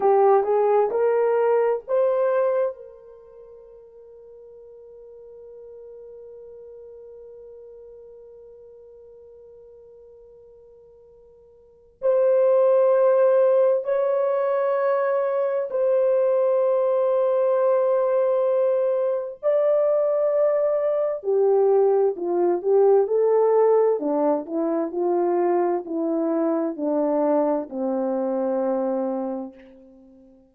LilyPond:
\new Staff \with { instrumentName = "horn" } { \time 4/4 \tempo 4 = 65 g'8 gis'8 ais'4 c''4 ais'4~ | ais'1~ | ais'1~ | ais'4 c''2 cis''4~ |
cis''4 c''2.~ | c''4 d''2 g'4 | f'8 g'8 a'4 d'8 e'8 f'4 | e'4 d'4 c'2 | }